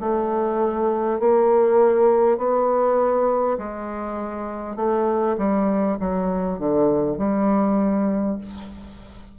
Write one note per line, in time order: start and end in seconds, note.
0.00 1.19 A3
1.19 2.37 A#3
2.37 3.57 B3
3.58 4.76 G#3
4.76 5.36 A3
5.38 5.98 G3
5.99 6.58 F#3
6.58 7.18 D3
7.18 8.38 G3